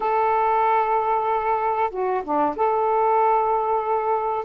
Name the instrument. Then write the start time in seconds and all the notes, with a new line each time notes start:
saxophone
0.00 A4
1.90 F#4
2.23 D4
2.56 A4